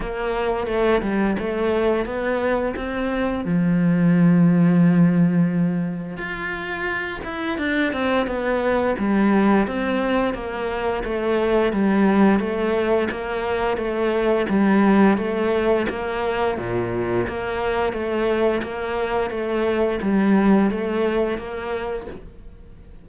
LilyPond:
\new Staff \with { instrumentName = "cello" } { \time 4/4 \tempo 4 = 87 ais4 a8 g8 a4 b4 | c'4 f2.~ | f4 f'4. e'8 d'8 c'8 | b4 g4 c'4 ais4 |
a4 g4 a4 ais4 | a4 g4 a4 ais4 | ais,4 ais4 a4 ais4 | a4 g4 a4 ais4 | }